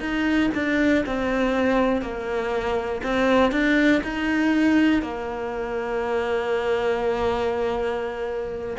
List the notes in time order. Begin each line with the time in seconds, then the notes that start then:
0.00 D#4
0.54 D4
1.05 C4
2.01 A#3
3.03 C4
3.51 D4
4.03 D#4
5.02 A#3